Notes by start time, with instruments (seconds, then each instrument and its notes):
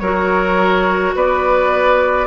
0.00 bassoon F#3, clarinet F#4, oboe A#4, flute C#5
1.15 bassoon B3, oboe B4, flute D5